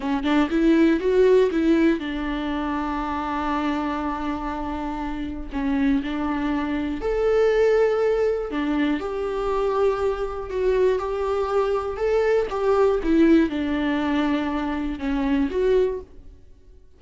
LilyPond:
\new Staff \with { instrumentName = "viola" } { \time 4/4 \tempo 4 = 120 cis'8 d'8 e'4 fis'4 e'4 | d'1~ | d'2. cis'4 | d'2 a'2~ |
a'4 d'4 g'2~ | g'4 fis'4 g'2 | a'4 g'4 e'4 d'4~ | d'2 cis'4 fis'4 | }